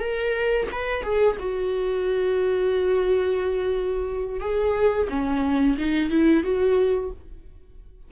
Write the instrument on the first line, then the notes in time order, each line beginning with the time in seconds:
viola
0.00 A#4
0.73 B4
1.04 G#4
1.40 F#4
4.41 G#4
5.10 C#4
5.79 D#4
6.11 E4
6.44 F#4